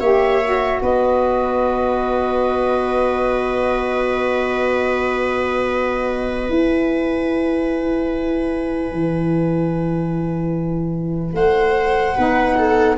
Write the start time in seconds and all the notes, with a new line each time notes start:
0.00 A#3 G4 C#5 E5
0.44 F#4
0.82 B3 B4 D#5
6.49 E4 G#5
8.92 E3
11.33 A3 C5 F#5
12.16 B3 D#4 B4
12.58 A4